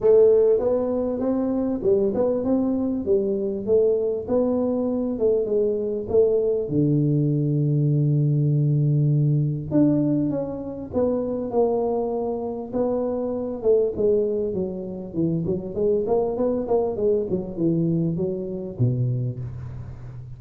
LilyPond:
\new Staff \with { instrumentName = "tuba" } { \time 4/4 \tempo 4 = 99 a4 b4 c'4 g8 b8 | c'4 g4 a4 b4~ | b8 a8 gis4 a4 d4~ | d1 |
d'4 cis'4 b4 ais4~ | ais4 b4. a8 gis4 | fis4 e8 fis8 gis8 ais8 b8 ais8 | gis8 fis8 e4 fis4 b,4 | }